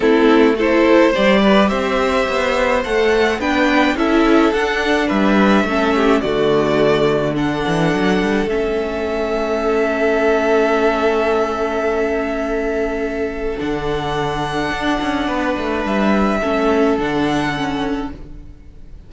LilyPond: <<
  \new Staff \with { instrumentName = "violin" } { \time 4/4 \tempo 4 = 106 a'4 c''4 d''4 e''4~ | e''4 fis''4 g''4 e''4 | fis''4 e''2 d''4~ | d''4 fis''2 e''4~ |
e''1~ | e''1 | fis''1 | e''2 fis''2 | }
  \new Staff \with { instrumentName = "violin" } { \time 4/4 e'4 a'4 c''8 b'8 c''4~ | c''2 b'4 a'4~ | a'4 b'4 a'8 g'8 fis'4~ | fis'4 a'2.~ |
a'1~ | a'1~ | a'2. b'4~ | b'4 a'2. | }
  \new Staff \with { instrumentName = "viola" } { \time 4/4 c'4 e'4 g'2~ | g'4 a'4 d'4 e'4 | d'2 cis'4 a4~ | a4 d'2 cis'4~ |
cis'1~ | cis'1 | d'1~ | d'4 cis'4 d'4 cis'4 | }
  \new Staff \with { instrumentName = "cello" } { \time 4/4 a2 g4 c'4 | b4 a4 b4 cis'4 | d'4 g4 a4 d4~ | d4. e8 fis8 g8 a4~ |
a1~ | a1 | d2 d'8 cis'8 b8 a8 | g4 a4 d2 | }
>>